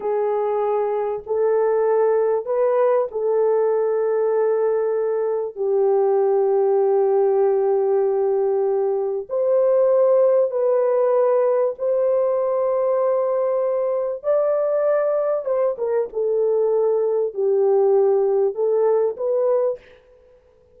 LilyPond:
\new Staff \with { instrumentName = "horn" } { \time 4/4 \tempo 4 = 97 gis'2 a'2 | b'4 a'2.~ | a'4 g'2.~ | g'2. c''4~ |
c''4 b'2 c''4~ | c''2. d''4~ | d''4 c''8 ais'8 a'2 | g'2 a'4 b'4 | }